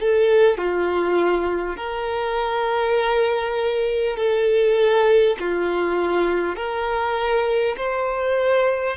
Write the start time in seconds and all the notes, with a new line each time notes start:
0.00 A4
0.58 F4
1.76 A#4
4.17 A4
5.39 F4
6.56 A#4
7.77 C5